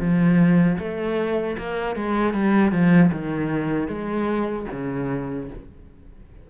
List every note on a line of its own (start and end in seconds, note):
0.00 0.78 F3
0.79 1.57 A3
1.58 1.95 A#3
1.95 2.33 G#3
2.33 2.72 G3
2.72 3.11 F3
3.12 3.88 D#3
3.88 4.66 G#3
4.72 5.50 C#3